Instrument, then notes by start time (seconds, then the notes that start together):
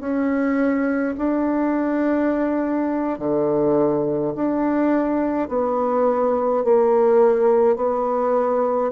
bassoon
0.00 C#4
1.18 D4
3.19 D3
4.35 D4
5.49 B3
6.64 A#3
7.76 B3